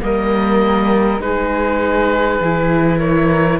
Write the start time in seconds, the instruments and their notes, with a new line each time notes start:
0.00 cello G3, viola A#3, flute A#4, oboe D#5
1.20 cello G#3, viola D#4, flute G#4, oboe B4
2.40 cello E3, viola E4
2.99 flute A#4, oboe C#5